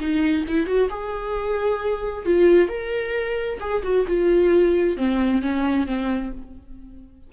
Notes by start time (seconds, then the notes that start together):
0.00 D#4
0.48 E4
0.67 F#4
0.90 G#4
2.26 F4
2.69 A#4
3.60 G#4
3.83 F#4
4.08 F4
4.97 C4
5.42 C#4
5.87 C4